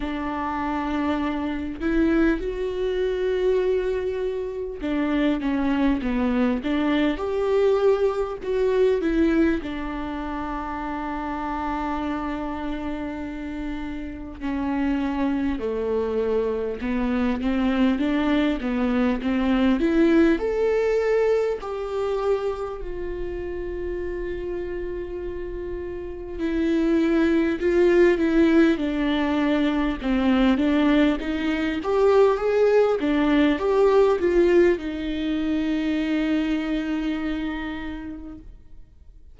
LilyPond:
\new Staff \with { instrumentName = "viola" } { \time 4/4 \tempo 4 = 50 d'4. e'8 fis'2 | d'8 cis'8 b8 d'8 g'4 fis'8 e'8 | d'1 | cis'4 a4 b8 c'8 d'8 b8 |
c'8 e'8 a'4 g'4 f'4~ | f'2 e'4 f'8 e'8 | d'4 c'8 d'8 dis'8 g'8 gis'8 d'8 | g'8 f'8 dis'2. | }